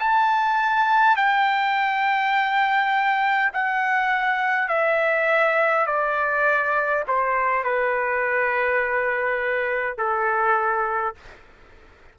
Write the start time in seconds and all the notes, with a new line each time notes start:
0.00 A5
1.17 G5
3.53 F#5
4.69 E5
5.87 D5
7.09 C5
7.65 B4
9.98 A4